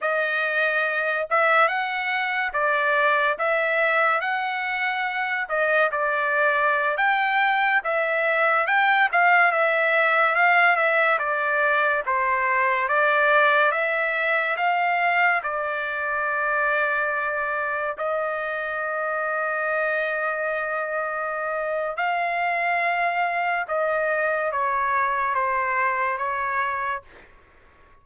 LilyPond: \new Staff \with { instrumentName = "trumpet" } { \time 4/4 \tempo 4 = 71 dis''4. e''8 fis''4 d''4 | e''4 fis''4. dis''8 d''4~ | d''16 g''4 e''4 g''8 f''8 e''8.~ | e''16 f''8 e''8 d''4 c''4 d''8.~ |
d''16 e''4 f''4 d''4.~ d''16~ | d''4~ d''16 dis''2~ dis''8.~ | dis''2 f''2 | dis''4 cis''4 c''4 cis''4 | }